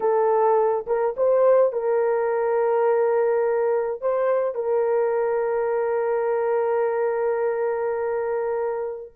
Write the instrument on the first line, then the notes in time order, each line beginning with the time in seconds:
horn
0.00 A4
0.86 A#4
1.16 C5
1.72 A#4
4.01 C5
4.55 A#4